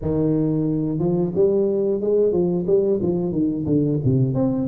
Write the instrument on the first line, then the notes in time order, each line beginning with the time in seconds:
tuba
0.02 D#3
0.98 F3
1.34 G3
2.00 G#3
2.32 F3
2.66 G3
3.02 F3
3.32 D#3
3.65 D3
4.04 C3
4.34 C4